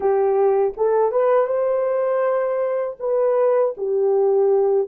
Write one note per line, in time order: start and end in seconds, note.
0.00 0.73 G4
0.76 1.11 A4
1.11 1.46 B4
1.46 2.96 C5
2.99 3.74 B4
3.77 4.88 G4